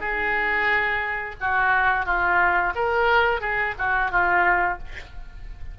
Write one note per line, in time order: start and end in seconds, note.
0.00 1.35 G#4
1.40 2.05 F#4
2.05 2.73 F4
2.75 3.40 A#4
3.40 3.74 G#4
3.78 4.11 F#4
4.11 4.78 F4